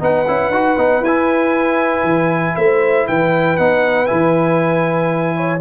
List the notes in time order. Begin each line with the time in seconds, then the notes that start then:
0.00 B3 D#4 B4 F#5
0.28 C#4 E4
0.50 D#4 F#4
0.77 B3 D#4
1.01 E4 G#5
1.07 E4
2.04 E3
2.56 A3 C5 E5
3.08 E3 B4 G5
3.57 B3 D#4 F#5
4.06 E3 E4 G#5
5.36 C#5